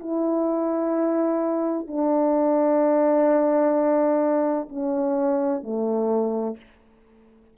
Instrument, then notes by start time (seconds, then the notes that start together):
horn
0.00 E4
1.88 D4
4.70 C#4
5.63 A3